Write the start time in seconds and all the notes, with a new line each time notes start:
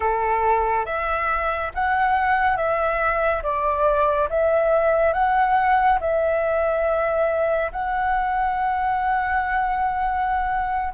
0.00 A4
0.85 E5
1.74 F#5
2.56 E5
3.42 D5
4.29 E5
5.13 F#5
6.00 E5
7.71 F#5